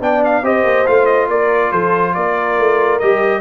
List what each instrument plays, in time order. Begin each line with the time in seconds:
0.00 tuba B3, trombone D4, horn D5, trumpet G5
0.24 trumpet F5
0.42 tuba C4, trombone G4, horn C5, trumpet D#5
0.63 tuba A#3
0.86 tuba A3, trombone F4, trumpet F5
1.05 trumpet D#5
1.28 tuba A#3, horn A#4, trumpet D5
1.71 tuba F3, horn A4, trumpet C5
2.14 tuba A#3, horn A#4, trumpet D5
2.58 tuba A3
2.99 tuba G3, trombone G4, trumpet D#5